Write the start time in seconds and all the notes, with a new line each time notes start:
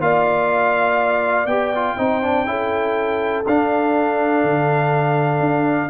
0.00 A#3 F4 D5 F5
1.46 B3 G4 G5
1.75 F4
1.97 C4 D#4 C5
2.22 D4
2.46 C#4 E4 A4
3.47 D4 F5
4.44 D3
5.40 D4